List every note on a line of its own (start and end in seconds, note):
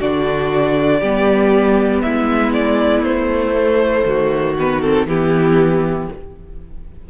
0.00 1.01 D3
0.00 1.02 D4
0.00 1.00 F#4
0.00 2.01 D5
1.00 2.03 G3
1.00 3.54 B3
1.00 2.01 G4
2.01 3.02 G#3
2.01 4.07 E4
2.01 2.52 E5
2.53 3.03 D5
3.02 4.04 A3
3.02 4.55 C5
3.54 4.56 A3
4.05 5.06 D#3
4.05 5.07 F#4
4.59 4.82 B3
4.59 4.81 B4
4.81 5.08 C4
4.81 5.07 A4
5.06 6.07 E3
5.06 6.10 B3
5.06 6.08 E4
5.06 6.10 G4